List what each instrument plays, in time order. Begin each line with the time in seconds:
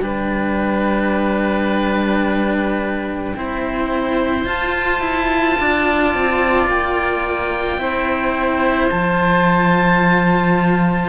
0.00 cello G3 D4, oboe B4 G5
3.35 cello C4 E4, oboe C5
4.44 cello F4, oboe A5
5.00 cello E4
5.60 cello D4, oboe D5
6.14 cello C4
6.66 cello A#3, oboe G5
7.77 cello C4 E4, oboe C5
8.90 cello F3 F4, oboe A5